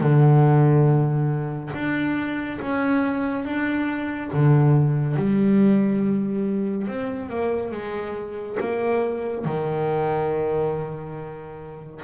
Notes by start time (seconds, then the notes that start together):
0.00 D3
1.74 D4
2.61 C#4
3.45 D4
4.33 D3
5.16 G3
6.87 C4
7.29 A#3
7.71 G#3
8.60 A#3
9.44 D#3